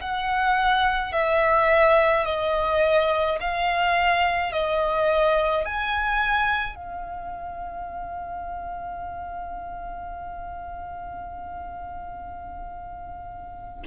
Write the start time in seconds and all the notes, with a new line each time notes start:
0.00 F#5
1.12 E5
2.25 D#5
3.40 F5
4.52 D#5
5.64 G#5
6.75 F5